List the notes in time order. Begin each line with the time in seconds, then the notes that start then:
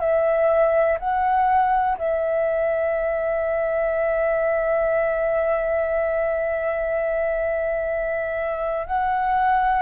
0.00 E5
1.00 F#5
1.99 E5
8.87 F#5